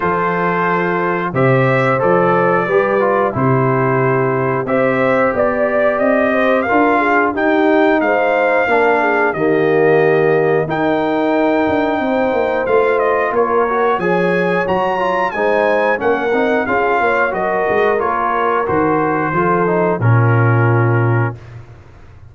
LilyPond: <<
  \new Staff \with { instrumentName = "trumpet" } { \time 4/4 \tempo 4 = 90 c''2 e''4 d''4~ | d''4 c''2 e''4 | d''4 dis''4 f''4 g''4 | f''2 dis''2 |
g''2. f''8 dis''8 | cis''4 gis''4 ais''4 gis''4 | fis''4 f''4 dis''4 cis''4 | c''2 ais'2 | }
  \new Staff \with { instrumentName = "horn" } { \time 4/4 a'2 c''2 | b'4 g'2 c''4 | d''4. c''8 ais'8 gis'8 g'4 | c''4 ais'8 gis'8 g'2 |
ais'2 c''2 | ais'4 cis''2 c''4 | ais'4 gis'8 cis''8 ais'2~ | ais'4 a'4 f'2 | }
  \new Staff \with { instrumentName = "trombone" } { \time 4/4 f'2 g'4 a'4 | g'8 f'8 e'2 g'4~ | g'2 f'4 dis'4~ | dis'4 d'4 ais2 |
dis'2. f'4~ | f'8 fis'8 gis'4 fis'8 f'8 dis'4 | cis'8 dis'8 f'4 fis'4 f'4 | fis'4 f'8 dis'8 cis'2 | }
  \new Staff \with { instrumentName = "tuba" } { \time 4/4 f2 c4 f4 | g4 c2 c'4 | b4 c'4 d'4 dis'4 | gis4 ais4 dis2 |
dis'4. d'8 c'8 ais8 a4 | ais4 f4 fis4 gis4 | ais8 c'8 cis'8 ais8 fis8 gis8 ais4 | dis4 f4 ais,2 | }
>>